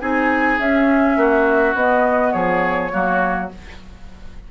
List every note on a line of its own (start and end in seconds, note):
0.00 0.59 C4
0.00 0.58 D#4
0.00 1.18 G#4
0.00 0.59 G#5
0.59 1.17 C#4
0.59 1.77 C#4
0.59 1.76 E5
1.17 1.74 A#3
1.17 2.34 F#4
1.74 2.33 B3
1.74 2.91 B3
1.74 2.32 D#5
2.32 2.92 F3
2.32 2.92 G#4
2.32 3.49 C#5
2.91 3.51 F#3
2.91 3.49 A#3
2.91 3.51 F#4